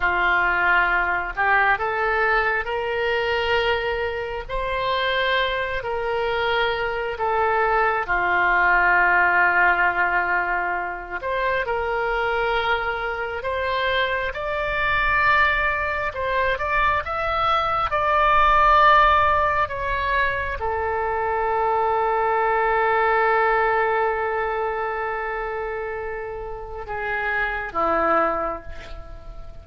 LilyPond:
\new Staff \with { instrumentName = "oboe" } { \time 4/4 \tempo 4 = 67 f'4. g'8 a'4 ais'4~ | ais'4 c''4. ais'4. | a'4 f'2.~ | f'8 c''8 ais'2 c''4 |
d''2 c''8 d''8 e''4 | d''2 cis''4 a'4~ | a'1~ | a'2 gis'4 e'4 | }